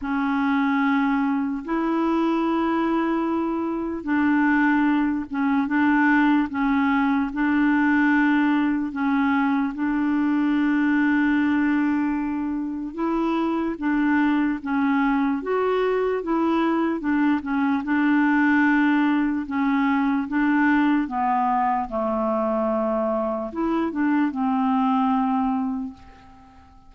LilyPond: \new Staff \with { instrumentName = "clarinet" } { \time 4/4 \tempo 4 = 74 cis'2 e'2~ | e'4 d'4. cis'8 d'4 | cis'4 d'2 cis'4 | d'1 |
e'4 d'4 cis'4 fis'4 | e'4 d'8 cis'8 d'2 | cis'4 d'4 b4 a4~ | a4 e'8 d'8 c'2 | }